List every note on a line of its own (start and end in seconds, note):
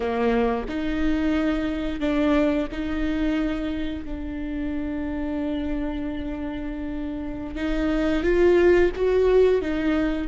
0.00 0.65 A#3
0.68 2.00 D#4
2.00 2.67 D4
2.71 4.04 D#4
4.04 7.55 D4
7.55 8.23 D#4
8.23 8.90 F4
8.95 9.61 F#4
9.61 10.27 D#4